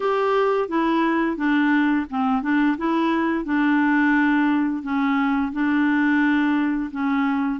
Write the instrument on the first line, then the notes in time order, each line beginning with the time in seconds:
clarinet
0.00 G4
0.68 E4
1.36 D4
2.10 C4
2.42 D4
2.77 E4
3.45 D4
4.82 C#4
5.52 D4
6.91 C#4